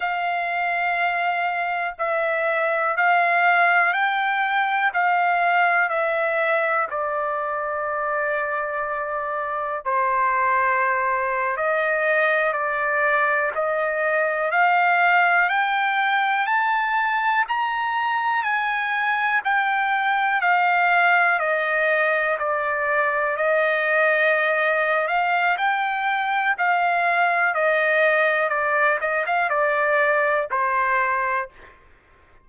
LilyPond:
\new Staff \with { instrumentName = "trumpet" } { \time 4/4 \tempo 4 = 61 f''2 e''4 f''4 | g''4 f''4 e''4 d''4~ | d''2 c''4.~ c''16 dis''16~ | dis''8. d''4 dis''4 f''4 g''16~ |
g''8. a''4 ais''4 gis''4 g''16~ | g''8. f''4 dis''4 d''4 dis''16~ | dis''4. f''8 g''4 f''4 | dis''4 d''8 dis''16 f''16 d''4 c''4 | }